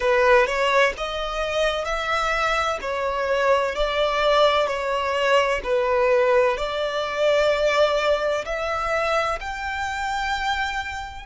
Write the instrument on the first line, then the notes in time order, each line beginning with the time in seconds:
violin
0.00 B4
0.46 C#5
0.97 D#5
1.85 E5
2.81 C#5
3.75 D5
4.67 C#5
5.63 B4
6.57 D5
8.45 E5
9.40 G5